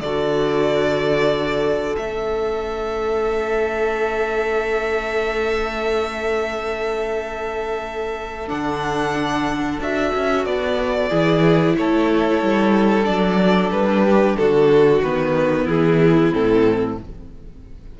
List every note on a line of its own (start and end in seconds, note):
0.00 1.96 D3
0.00 1.97 F#4
0.00 11.09 A4
0.00 1.96 D5
1.97 8.50 A3
1.97 8.48 C#4
1.97 8.49 E5
8.48 9.79 D3
8.48 9.79 D4
8.48 9.80 F#5
9.79 10.12 D4
9.79 11.10 F#4
9.79 10.45 E5
10.15 10.45 C#4
10.45 11.11 B3
10.45 11.75 D5
11.09 11.76 E3
11.09 13.03 E4
11.09 11.74 G#4
11.77 12.42 A3
11.77 14.04 A4
11.77 13.05 C#5
12.42 13.07 G3
13.03 13.71 F#3
13.03 14.99 D4
13.03 13.70 D5
13.71 14.36 G3
13.71 14.36 B4
14.04 14.37 G4
14.36 15.02 D3
14.36 15.63 F#4
14.36 15.02 A4
15.02 15.67 D#3
15.02 16.32 B3
15.02 15.68 B4
15.63 16.32 E3
15.63 16.94 E4
15.63 16.33 G#4
16.32 17.00 A2
16.32 16.97 C4
16.32 16.98 A4